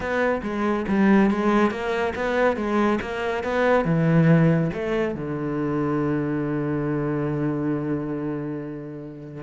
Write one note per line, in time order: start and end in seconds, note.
0.00 0.41 B3
0.42 0.85 G#3
0.87 1.30 G3
1.30 1.70 G#3
1.70 2.13 A#3
2.15 2.56 B3
2.56 2.99 G#3
3.01 3.43 A#3
3.43 3.84 B3
3.84 4.70 E3
4.73 5.14 A3
5.14 9.43 D3